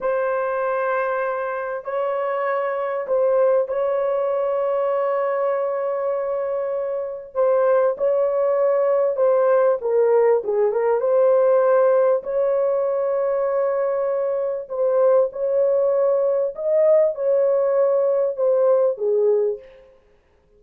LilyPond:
\new Staff \with { instrumentName = "horn" } { \time 4/4 \tempo 4 = 98 c''2. cis''4~ | cis''4 c''4 cis''2~ | cis''1 | c''4 cis''2 c''4 |
ais'4 gis'8 ais'8 c''2 | cis''1 | c''4 cis''2 dis''4 | cis''2 c''4 gis'4 | }